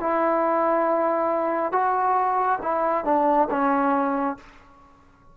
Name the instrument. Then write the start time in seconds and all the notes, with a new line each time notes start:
trombone
0.00 E4
1.72 F#4
2.62 E4
3.05 D4
3.50 C#4